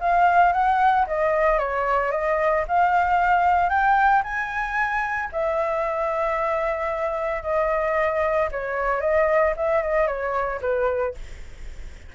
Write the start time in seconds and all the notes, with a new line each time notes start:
0.00 F5
0.52 F#5
1.07 D#5
1.58 C#5
2.11 D#5
2.68 F5
3.69 G5
4.23 G#5
5.32 E5
7.42 D#5
8.51 C#5
9.00 D#5
9.56 E5
9.82 D#5
10.07 C#5
10.61 B4